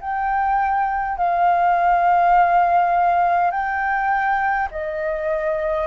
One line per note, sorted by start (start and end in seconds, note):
0.00 1.17 G5
1.17 3.51 F5
3.51 4.68 G5
4.71 5.87 D#5